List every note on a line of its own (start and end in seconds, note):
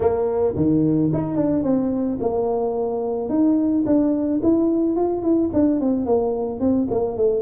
0.00 0.54 A#3
0.56 1.11 D#3
1.13 1.35 D#4
1.35 1.63 D4
1.63 2.18 C4
2.20 3.29 A#3
3.29 3.84 D#4
3.85 4.40 D4
4.42 4.96 E4
4.96 5.22 F4
5.22 5.50 E4
5.53 5.80 D4
5.80 6.05 C4
6.05 6.60 A#3
6.60 6.87 C4
6.90 7.16 A#3
7.16 7.41 A3